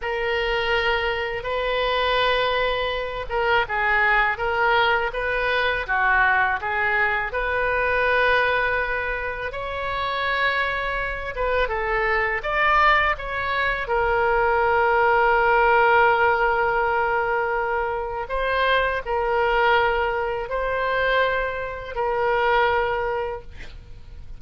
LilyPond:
\new Staff \with { instrumentName = "oboe" } { \time 4/4 \tempo 4 = 82 ais'2 b'2~ | b'8 ais'8 gis'4 ais'4 b'4 | fis'4 gis'4 b'2~ | b'4 cis''2~ cis''8 b'8 |
a'4 d''4 cis''4 ais'4~ | ais'1~ | ais'4 c''4 ais'2 | c''2 ais'2 | }